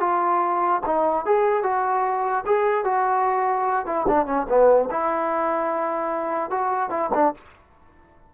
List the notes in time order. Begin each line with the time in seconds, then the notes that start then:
0.00 F4
0.86 D#4
1.26 G#4
1.63 F#4
2.46 G#4
2.84 F#4
3.86 E4
4.08 D4
4.26 C#4
4.49 B3
4.91 E4
6.50 F#4
6.90 E4
7.14 D4